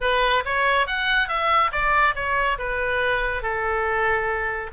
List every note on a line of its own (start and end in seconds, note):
0.00 0.43 B4
0.45 0.86 C#5
0.86 1.28 F#5
1.28 1.71 E5
1.71 2.14 D5
2.15 2.58 C#5
2.58 3.42 B4
3.42 4.70 A4